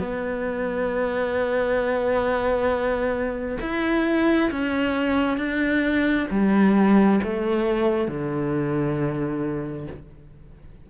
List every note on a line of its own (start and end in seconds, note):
0.00 3.58 B3
3.61 4.51 E4
4.51 5.38 C#4
5.38 6.27 D4
6.31 7.20 G3
7.24 8.08 A3
8.08 9.88 D3